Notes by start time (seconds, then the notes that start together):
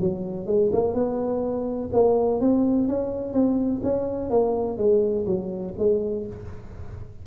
0.00 F#3
0.46 G#3
0.72 A#3
0.94 B3
1.93 A#3
2.40 C4
2.88 C#4
3.33 C4
3.83 C#4
4.30 A#3
4.78 G#3
5.26 F#3
5.78 G#3